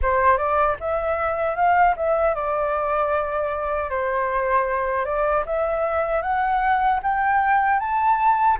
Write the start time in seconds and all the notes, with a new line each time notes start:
0.02 C5
0.37 D5
0.80 E5
1.55 F5
1.96 E5
2.34 D5
3.90 C5
5.05 D5
5.45 E5
6.22 F#5
7.02 G5
7.79 A5